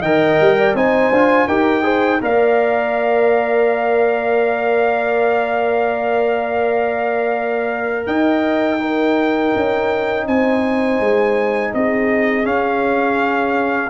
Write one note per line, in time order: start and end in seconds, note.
0.00 0.38 D#3
0.00 0.76 A#4
0.00 0.55 D#5
0.00 0.74 G5
0.40 0.74 G3
0.58 0.75 D5
0.74 1.10 C4
0.74 1.12 D#4
0.74 1.47 C5
0.74 1.47 G#5
1.10 1.47 D4
1.10 1.48 F4
1.47 2.20 D#4
1.47 1.82 G4
1.47 1.83 A#4
1.47 2.20 G5
1.82 2.19 G#4
1.82 2.20 C5
2.21 8.06 A#3
2.21 8.79 A#4
2.21 8.07 D5
2.21 8.06 F5
8.06 9.53 D#4
8.06 8.80 D#5
8.06 10.26 G5
8.79 12.44 D#4
8.79 10.27 A#4
9.55 10.26 C#4
10.26 10.99 C4
10.26 11.74 C5
10.26 11.73 G#5
10.99 11.73 G#3
11.73 12.46 C4
11.73 13.90 G#4
11.73 12.45 D#5
12.44 13.90 C#4
12.44 13.90 F5